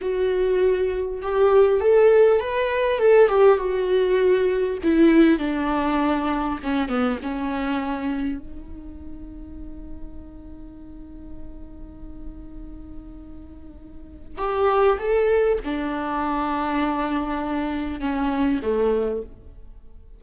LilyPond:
\new Staff \with { instrumentName = "viola" } { \time 4/4 \tempo 4 = 100 fis'2 g'4 a'4 | b'4 a'8 g'8 fis'2 | e'4 d'2 cis'8 b8 | cis'2 dis'2~ |
dis'1~ | dis'1 | g'4 a'4 d'2~ | d'2 cis'4 a4 | }